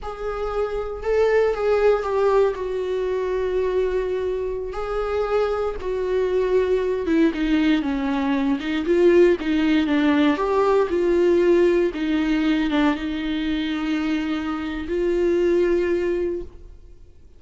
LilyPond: \new Staff \with { instrumentName = "viola" } { \time 4/4 \tempo 4 = 117 gis'2 a'4 gis'4 | g'4 fis'2.~ | fis'4~ fis'16 gis'2 fis'8.~ | fis'4.~ fis'16 e'8 dis'4 cis'8.~ |
cis'8. dis'8 f'4 dis'4 d'8.~ | d'16 g'4 f'2 dis'8.~ | dis'8. d'8 dis'2~ dis'8.~ | dis'4 f'2. | }